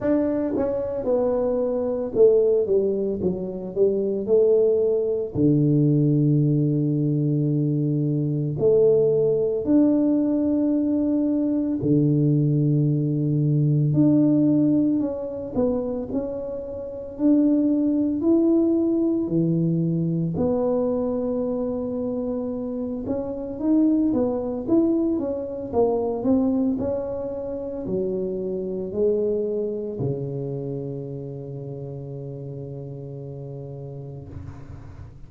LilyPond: \new Staff \with { instrumentName = "tuba" } { \time 4/4 \tempo 4 = 56 d'8 cis'8 b4 a8 g8 fis8 g8 | a4 d2. | a4 d'2 d4~ | d4 d'4 cis'8 b8 cis'4 |
d'4 e'4 e4 b4~ | b4. cis'8 dis'8 b8 e'8 cis'8 | ais8 c'8 cis'4 fis4 gis4 | cis1 | }